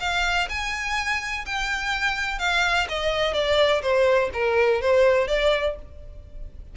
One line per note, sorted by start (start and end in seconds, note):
0.00 0.48 F5
0.49 1.45 G#5
1.46 2.39 G5
2.39 2.87 F5
2.88 3.34 D#5
3.34 3.82 D5
3.82 4.30 C5
4.33 4.81 A#4
4.81 5.28 C5
5.28 5.76 D5